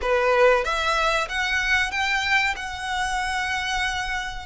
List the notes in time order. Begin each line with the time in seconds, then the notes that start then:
0.01 B4
0.64 E5
1.29 F#5
1.91 G5
2.56 F#5